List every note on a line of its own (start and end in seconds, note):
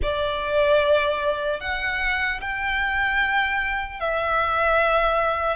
0.02 1.60 D5
1.60 2.40 F#5
2.40 4.00 G5
4.00 5.56 E5